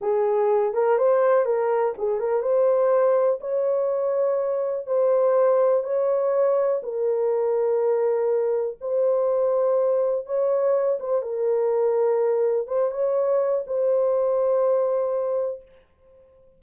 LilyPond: \new Staff \with { instrumentName = "horn" } { \time 4/4 \tempo 4 = 123 gis'4. ais'8 c''4 ais'4 | gis'8 ais'8 c''2 cis''4~ | cis''2 c''2 | cis''2 ais'2~ |
ais'2 c''2~ | c''4 cis''4. c''8 ais'4~ | ais'2 c''8 cis''4. | c''1 | }